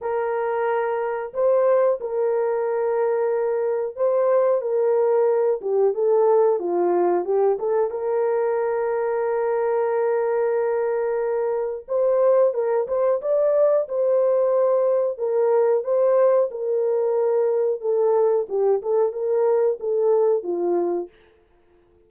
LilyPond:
\new Staff \with { instrumentName = "horn" } { \time 4/4 \tempo 4 = 91 ais'2 c''4 ais'4~ | ais'2 c''4 ais'4~ | ais'8 g'8 a'4 f'4 g'8 a'8 | ais'1~ |
ais'2 c''4 ais'8 c''8 | d''4 c''2 ais'4 | c''4 ais'2 a'4 | g'8 a'8 ais'4 a'4 f'4 | }